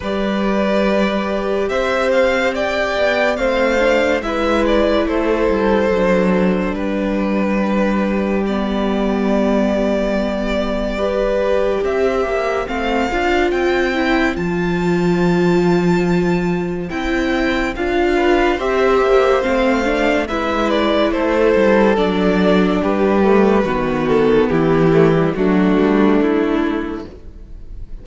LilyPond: <<
  \new Staff \with { instrumentName = "violin" } { \time 4/4 \tempo 4 = 71 d''2 e''8 f''8 g''4 | f''4 e''8 d''8 c''2 | b'2 d''2~ | d''2 e''4 f''4 |
g''4 a''2. | g''4 f''4 e''4 f''4 | e''8 d''8 c''4 d''4 b'4~ | b'8 a'8 g'4 fis'4 e'4 | }
  \new Staff \with { instrumentName = "violin" } { \time 4/4 b'2 c''4 d''4 | c''4 b'4 a'2 | g'1~ | g'4 b'4 c''2~ |
c''1~ | c''4. b'8 c''2 | b'4 a'2 g'4 | fis'4 e'4 d'2 | }
  \new Staff \with { instrumentName = "viola" } { \time 4/4 g'1 | c'8 d'8 e'2 d'4~ | d'2 b2~ | b4 g'2 c'8 f'8~ |
f'8 e'8 f'2. | e'4 f'4 g'4 c'8 d'8 | e'2 d'4. a8 | b4. a16 g16 a2 | }
  \new Staff \with { instrumentName = "cello" } { \time 4/4 g2 c'4. b8 | a4 gis4 a8 g8 fis4 | g1~ | g2 c'8 ais8 a8 d'8 |
c'4 f2. | c'4 d'4 c'8 ais8 a4 | gis4 a8 g8 fis4 g4 | dis4 e4 fis8 g8 a4 | }
>>